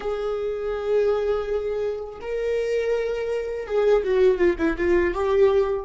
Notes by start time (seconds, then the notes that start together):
0.00 G#4
2.21 A#4
3.67 G#4
4.03 F#4
4.37 F4
4.58 E4
4.77 F4
5.14 G4